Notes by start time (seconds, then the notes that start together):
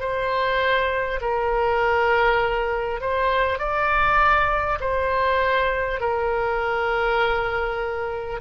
0.00 C5
1.21 A#4
3.01 C5
3.59 D5
4.80 C5
6.00 A#4